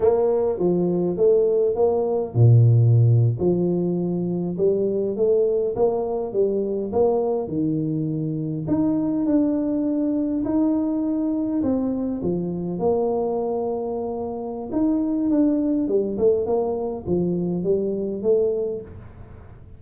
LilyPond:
\new Staff \with { instrumentName = "tuba" } { \time 4/4 \tempo 4 = 102 ais4 f4 a4 ais4 | ais,4.~ ais,16 f2 g16~ | g8. a4 ais4 g4 ais16~ | ais8. dis2 dis'4 d'16~ |
d'4.~ d'16 dis'2 c'16~ | c'8. f4 ais2~ ais16~ | ais4 dis'4 d'4 g8 a8 | ais4 f4 g4 a4 | }